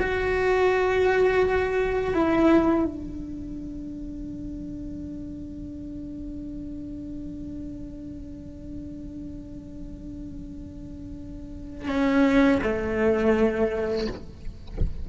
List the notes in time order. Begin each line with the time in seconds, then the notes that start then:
0.00 F#4
2.14 E4
2.85 D4
11.88 C#4
12.63 A3